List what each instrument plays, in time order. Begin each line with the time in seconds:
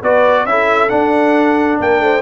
0.00 tuba B3, trombone F#4, horn B4, trumpet D5
0.45 tuba C#4, trombone E4, horn A4, trumpet E5
0.89 trombone D4, tuba D4, trumpet F#5
1.80 tuba A#3, horn A#4, trumpet G5
1.99 tuba A3, horn C5